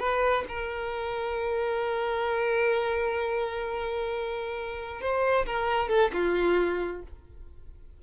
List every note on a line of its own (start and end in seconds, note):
0.00 0.44 B4
0.49 5.01 A#4
5.01 5.46 C5
5.46 5.89 A#4
5.89 6.11 A4
6.14 7.02 F4